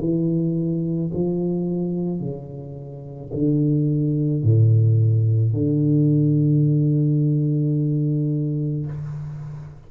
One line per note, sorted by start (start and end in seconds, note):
0.00 1.11 E3
1.14 2.21 F3
2.21 3.32 C#3
3.34 4.44 D3
4.44 5.54 A2
5.54 8.87 D3